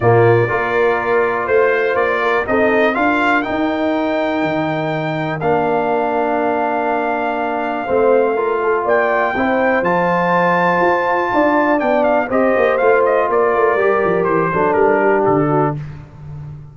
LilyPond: <<
  \new Staff \with { instrumentName = "trumpet" } { \time 4/4 \tempo 4 = 122 d''2. c''4 | d''4 dis''4 f''4 g''4~ | g''2. f''4~ | f''1~ |
f''2 g''2 | a''1 | g''8 f''8 dis''4 f''8 dis''8 d''4~ | d''4 c''4 ais'4 a'4 | }
  \new Staff \with { instrumentName = "horn" } { \time 4/4 f'4 ais'2 c''4~ | c''8 ais'8 a'4 ais'2~ | ais'1~ | ais'1 |
c''4 ais'8 a'8 d''4 c''4~ | c''2. d''4~ | d''4 c''2 ais'4~ | ais'4. a'4 g'4 fis'8 | }
  \new Staff \with { instrumentName = "trombone" } { \time 4/4 ais4 f'2.~ | f'4 dis'4 f'4 dis'4~ | dis'2. d'4~ | d'1 |
c'4 f'2 e'4 | f'1 | d'4 g'4 f'2 | g'4. d'2~ d'8 | }
  \new Staff \with { instrumentName = "tuba" } { \time 4/4 ais,4 ais2 a4 | ais4 c'4 d'4 dis'4~ | dis'4 dis2 ais4~ | ais1 |
a2 ais4 c'4 | f2 f'4 d'4 | b4 c'8 ais8 a4 ais8 a8 | g8 f8 e8 fis8 g4 d4 | }
>>